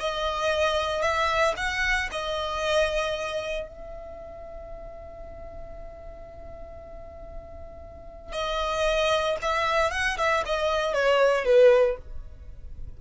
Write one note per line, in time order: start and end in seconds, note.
0.00 1.02 D#5
1.02 1.54 E5
1.57 2.09 F#5
2.12 3.68 D#5
3.68 8.32 E5
8.32 9.37 D#5
9.42 9.91 E5
9.91 10.17 F#5
10.18 10.44 E5
10.46 10.94 D#5
10.94 11.45 C#5
11.45 11.97 B4